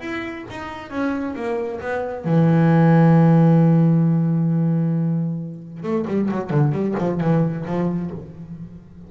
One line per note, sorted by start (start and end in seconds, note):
0.00 0.45 E4
0.50 0.90 D#4
0.90 1.35 C#4
1.35 1.80 A#3
1.80 2.24 B3
2.24 5.82 E3
5.82 6.05 A3
6.07 6.29 G3
6.30 6.50 F#3
6.50 6.72 D3
6.72 6.94 G3
6.98 7.20 F3
7.20 7.65 E3
7.65 8.10 F3